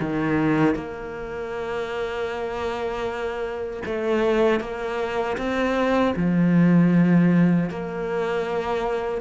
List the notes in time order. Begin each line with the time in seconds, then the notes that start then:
0.00 D#3
0.75 A#3
3.85 A3
4.60 A#3
5.37 C4
6.16 F3
7.70 A#3